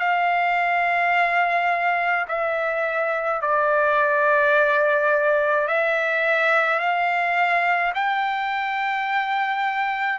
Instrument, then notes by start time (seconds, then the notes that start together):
trumpet
0.00 F5
2.28 E5
3.42 D5
5.68 E5
6.80 F5
7.95 G5